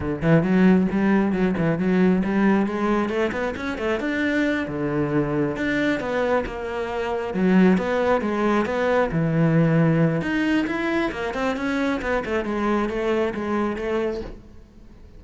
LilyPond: \new Staff \with { instrumentName = "cello" } { \time 4/4 \tempo 4 = 135 d8 e8 fis4 g4 fis8 e8 | fis4 g4 gis4 a8 b8 | cis'8 a8 d'4. d4.~ | d8 d'4 b4 ais4.~ |
ais8 fis4 b4 gis4 b8~ | b8 e2~ e8 dis'4 | e'4 ais8 c'8 cis'4 b8 a8 | gis4 a4 gis4 a4 | }